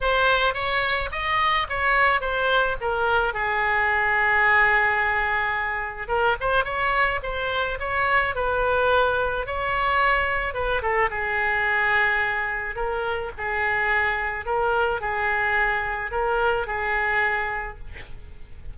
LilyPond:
\new Staff \with { instrumentName = "oboe" } { \time 4/4 \tempo 4 = 108 c''4 cis''4 dis''4 cis''4 | c''4 ais'4 gis'2~ | gis'2. ais'8 c''8 | cis''4 c''4 cis''4 b'4~ |
b'4 cis''2 b'8 a'8 | gis'2. ais'4 | gis'2 ais'4 gis'4~ | gis'4 ais'4 gis'2 | }